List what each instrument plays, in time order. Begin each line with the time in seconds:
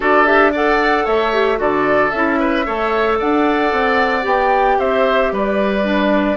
0.00 bassoon D4, clarinet F#4, oboe A4, flute D5
0.25 clarinet G4, flute E5
0.52 clarinet A4, oboe D5, flute F#5
1.05 bassoon A3, oboe C#5, flute E5
1.33 clarinet G4
1.56 bassoon D3, clarinet F#4, oboe A4, flute D5
2.10 bassoon C#4, clarinet E4, flute E5
2.39 oboe B4
2.65 bassoon A3, clarinet A4, oboe C#5
3.18 bassoon D4, oboe D5, flute F#5
3.72 bassoon C4
4.22 bassoon B3, clarinet G4, flute G5
4.78 bassoon C4, oboe C5, flute E5
5.32 bassoon G3, oboe B4, flute D5
5.83 clarinet D4